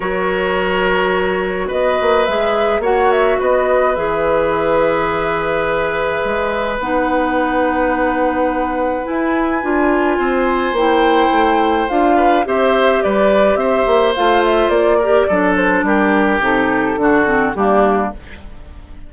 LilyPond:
<<
  \new Staff \with { instrumentName = "flute" } { \time 4/4 \tempo 4 = 106 cis''2. dis''4 | e''4 fis''8 e''8 dis''4 e''4~ | e''1 | fis''1 |
gis''2. g''4~ | g''4 f''4 e''4 d''4 | e''4 f''8 e''8 d''4. c''8 | ais'4 a'2 g'4 | }
  \new Staff \with { instrumentName = "oboe" } { \time 4/4 ais'2. b'4~ | b'4 cis''4 b'2~ | b'1~ | b'1~ |
b'2 c''2~ | c''4. b'8 c''4 b'4 | c''2~ c''8 ais'8 a'4 | g'2 fis'4 d'4 | }
  \new Staff \with { instrumentName = "clarinet" } { \time 4/4 fis'1 | gis'4 fis'2 gis'4~ | gis'1 | dis'1 |
e'4 f'2 e'4~ | e'4 f'4 g'2~ | g'4 f'4. g'8 d'4~ | d'4 dis'4 d'8 c'8 ais4 | }
  \new Staff \with { instrumentName = "bassoon" } { \time 4/4 fis2. b8 ais8 | gis4 ais4 b4 e4~ | e2. gis4 | b1 |
e'4 d'4 c'4 ais4 | a4 d'4 c'4 g4 | c'8 ais8 a4 ais4 fis4 | g4 c4 d4 g4 | }
>>